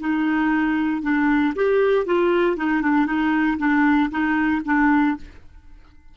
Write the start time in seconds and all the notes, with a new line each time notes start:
0.00 D#4
1.03 D4
1.56 G4
2.06 F4
2.57 D#4
2.82 D4
3.07 D#4
3.59 D4
4.11 D#4
4.65 D4